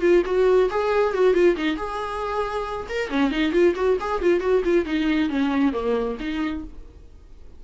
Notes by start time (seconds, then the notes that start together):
0.00 F4
0.25 F#4
0.70 G#4
1.13 F#4
1.34 F4
1.56 D#4
1.76 G#4
2.89 A#4
3.09 C#4
3.30 D#4
3.52 F4
3.75 F#4
4.00 G#4
4.21 F4
4.40 F#4
4.64 F4
4.85 D#4
5.29 C#4
5.72 A#3
6.19 D#4